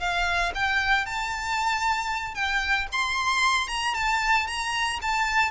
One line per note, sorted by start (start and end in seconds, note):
0.00 0.53 F5
0.55 1.06 G5
1.06 2.35 A5
2.35 2.88 G5
2.93 3.68 C6
3.68 3.95 A#5
3.95 4.47 A5
4.47 5.00 A#5
5.02 5.51 A5